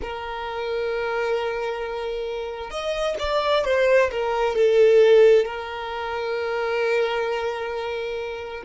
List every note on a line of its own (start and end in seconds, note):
0.01 2.70 A#4
2.70 3.15 D#5
3.19 3.64 D5
3.64 4.10 C5
4.11 4.55 A#4
4.55 5.45 A4
5.45 8.63 A#4